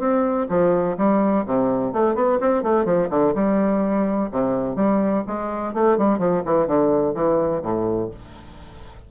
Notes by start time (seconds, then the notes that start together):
0.00 C4
0.50 F3
0.98 G3
1.46 C3
1.94 A3
2.16 B3
2.41 C4
2.63 A3
2.85 F3
3.10 D3
3.35 G3
4.32 C3
4.76 G3
5.27 G#3
5.74 A3
5.98 G3
6.19 F3
6.46 E3
6.67 D3
7.15 E3
7.63 A2